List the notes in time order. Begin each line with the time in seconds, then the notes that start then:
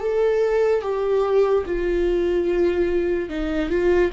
0.00 A4
0.82 G4
1.66 F4
3.29 D#4
3.69 F4